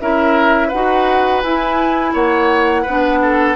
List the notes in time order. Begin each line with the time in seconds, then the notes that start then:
0.00 C#4 E4 A#4 E5
0.68 D#4 F#4 B4 F#5
1.42 E4 G#5
2.13 A#3 C#5 F#5
2.82 B3 D4 B4
3.22 A4